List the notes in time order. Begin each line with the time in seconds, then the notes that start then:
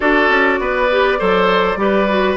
0.00 D4 F#4 A4 D5
0.29 C#4
0.59 B3 B4
0.90 G4
1.18 F#3 A4 C5
1.76 G3 G4 B4
2.09 F#4